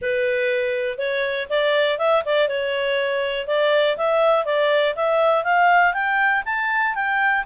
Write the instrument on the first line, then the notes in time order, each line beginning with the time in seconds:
clarinet
0.01 B4
0.98 C#5
1.49 D5
1.98 E5
2.25 D5
2.48 C#5
3.47 D5
3.97 E5
4.45 D5
4.95 E5
5.44 F5
5.93 G5
6.45 A5
6.94 G5